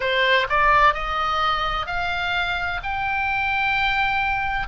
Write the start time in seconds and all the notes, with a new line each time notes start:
0.00 C5
0.49 D5
0.94 D#5
1.86 F5
2.83 G5